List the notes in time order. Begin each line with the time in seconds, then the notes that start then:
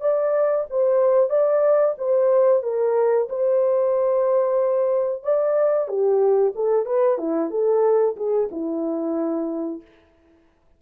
0.00 D5
0.70 C5
1.29 D5
1.98 C5
2.63 A#4
3.29 C5
5.23 D5
5.88 G4
6.55 A4
6.85 B4
7.18 E4
7.50 A4
8.16 G#4
8.51 E4